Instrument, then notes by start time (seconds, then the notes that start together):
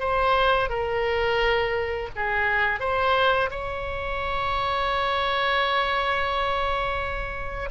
oboe
0.00 C5
0.70 A#4
2.16 G#4
2.80 C5
3.51 C#5